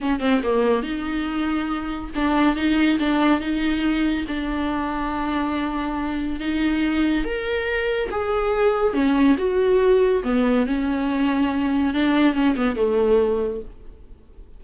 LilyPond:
\new Staff \with { instrumentName = "viola" } { \time 4/4 \tempo 4 = 141 cis'8 c'8 ais4 dis'2~ | dis'4 d'4 dis'4 d'4 | dis'2 d'2~ | d'2. dis'4~ |
dis'4 ais'2 gis'4~ | gis'4 cis'4 fis'2 | b4 cis'2. | d'4 cis'8 b8 a2 | }